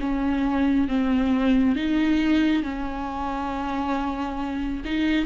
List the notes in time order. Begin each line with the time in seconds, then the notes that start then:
0.00 C#4
0.88 C4
1.76 D#4
2.63 C#4
4.85 D#4